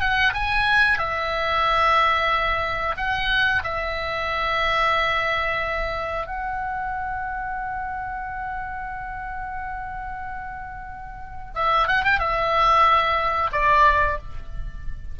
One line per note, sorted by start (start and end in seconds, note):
0.00 0.33 F#5
0.34 0.98 G#5
0.98 2.96 E5
2.97 3.63 F#5
3.63 6.27 E5
6.27 11.54 F#5
11.55 11.88 E5
11.88 12.04 F#5
12.04 12.19 G5
12.19 13.51 E5
13.52 14.18 D5